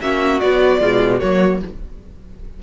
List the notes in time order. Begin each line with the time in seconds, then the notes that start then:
0.00 A#3 C#4 F#4 E5
0.39 F#3 B3 D5
0.79 B2 G#3 F4
1.19 F#3 A#3 F#4 C#5